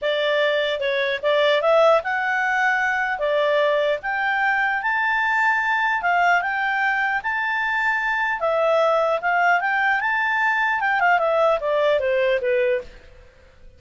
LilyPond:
\new Staff \with { instrumentName = "clarinet" } { \time 4/4 \tempo 4 = 150 d''2 cis''4 d''4 | e''4 fis''2. | d''2 g''2 | a''2. f''4 |
g''2 a''2~ | a''4 e''2 f''4 | g''4 a''2 g''8 f''8 | e''4 d''4 c''4 b'4 | }